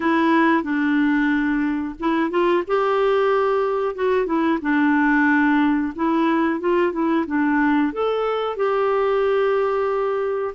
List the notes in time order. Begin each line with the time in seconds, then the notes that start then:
0.00 E4
0.63 D4
1.99 E4
2.30 F4
2.67 G4
3.95 F#4
4.26 E4
4.61 D4
5.95 E4
6.60 F4
6.92 E4
7.26 D4
7.92 A4
8.56 G4